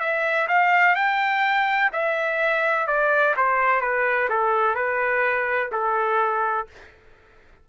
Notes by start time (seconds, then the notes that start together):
0.00 E5
0.48 F5
0.96 G5
1.93 E5
2.87 D5
3.37 C5
3.81 B4
4.29 A4
4.75 B4
5.72 A4